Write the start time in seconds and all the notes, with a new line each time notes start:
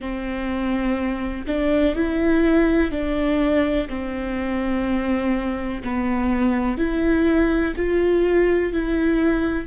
0.00 C4
1.46 D4
1.95 E4
2.91 D4
3.88 C4
5.83 B3
6.77 E4
7.76 F4
8.72 E4